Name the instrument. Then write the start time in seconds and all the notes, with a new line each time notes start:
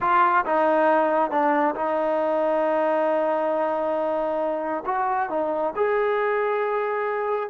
trombone
0.00 F4
0.45 D#4
1.30 D4
1.75 D#4
4.85 F#4
5.29 D#4
5.76 G#4